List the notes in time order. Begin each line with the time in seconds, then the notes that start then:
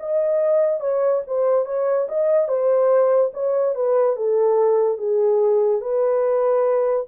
0.00 D#5
0.81 C#5
1.27 C5
1.66 C#5
2.09 D#5
2.48 C5
3.34 C#5
3.75 B4
4.16 A4
4.98 G#4
5.81 B4